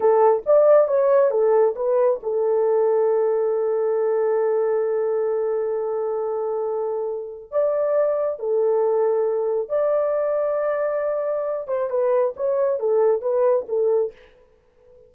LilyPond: \new Staff \with { instrumentName = "horn" } { \time 4/4 \tempo 4 = 136 a'4 d''4 cis''4 a'4 | b'4 a'2.~ | a'1~ | a'1~ |
a'4 d''2 a'4~ | a'2 d''2~ | d''2~ d''8 c''8 b'4 | cis''4 a'4 b'4 a'4 | }